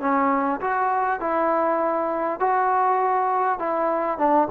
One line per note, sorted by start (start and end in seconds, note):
0.00 0.60 C#4
0.61 1.20 F#4
1.20 2.39 E4
2.39 3.59 F#4
3.59 4.18 E4
4.18 4.48 D4